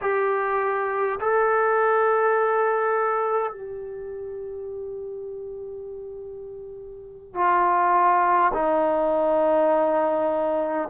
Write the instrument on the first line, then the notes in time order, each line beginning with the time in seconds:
trombone
0.01 G4
1.20 A4
3.52 G4
7.34 F4
8.53 D#4